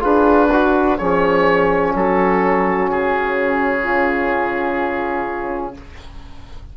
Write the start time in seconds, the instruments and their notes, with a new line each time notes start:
0.00 bassoon D4, trombone F4, horn G#4, oboe B4
0.51 horn F#4, trombone F#4
0.98 bassoon F3, trombone C#4, horn G#4, oboe C#5
1.95 bassoon F#3, horn F#4, oboe A4
2.91 bassoon C#3, oboe G#4
3.83 horn F4